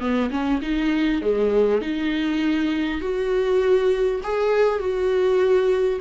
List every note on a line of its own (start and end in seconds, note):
0.00 0.30 B3
0.30 0.60 C#4
0.61 1.21 D#4
1.21 1.81 G#3
1.81 3.01 D#4
3.01 4.21 F#4
4.23 4.79 G#4
4.79 5.99 F#4